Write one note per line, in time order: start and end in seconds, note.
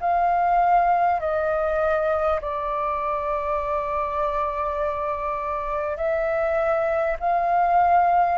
0.00 1.19 F5
1.19 2.39 D#5
2.41 5.97 D5
5.97 7.17 E5
7.19 8.38 F5